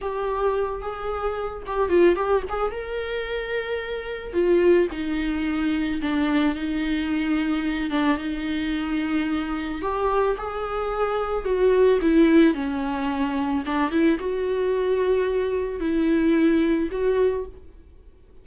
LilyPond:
\new Staff \with { instrumentName = "viola" } { \time 4/4 \tempo 4 = 110 g'4. gis'4. g'8 f'8 | g'8 gis'8 ais'2. | f'4 dis'2 d'4 | dis'2~ dis'8 d'8 dis'4~ |
dis'2 g'4 gis'4~ | gis'4 fis'4 e'4 cis'4~ | cis'4 d'8 e'8 fis'2~ | fis'4 e'2 fis'4 | }